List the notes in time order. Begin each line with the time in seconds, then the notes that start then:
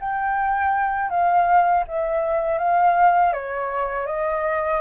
0.00 G5
1.10 F5
1.88 E5
2.59 F5
3.33 C#5
4.07 D#5